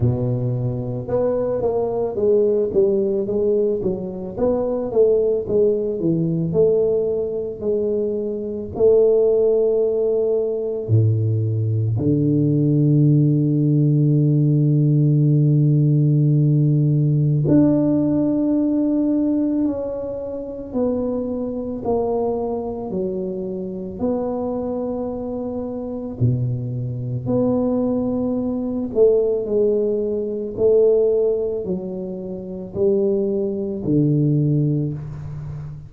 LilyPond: \new Staff \with { instrumentName = "tuba" } { \time 4/4 \tempo 4 = 55 b,4 b8 ais8 gis8 g8 gis8 fis8 | b8 a8 gis8 e8 a4 gis4 | a2 a,4 d4~ | d1 |
d'2 cis'4 b4 | ais4 fis4 b2 | b,4 b4. a8 gis4 | a4 fis4 g4 d4 | }